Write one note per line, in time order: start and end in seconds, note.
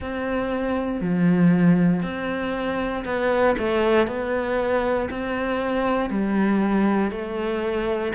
0.00 1.00 C4
1.00 2.02 F3
2.02 3.04 C4
3.04 3.55 B3
3.58 4.07 A3
4.07 5.08 B3
5.09 6.10 C4
6.10 7.11 G3
7.11 8.13 A3